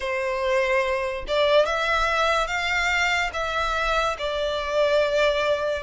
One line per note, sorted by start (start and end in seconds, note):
0.00 1.25 C5
1.27 1.65 D5
1.65 2.47 E5
2.47 3.30 F5
3.33 4.16 E5
4.18 5.83 D5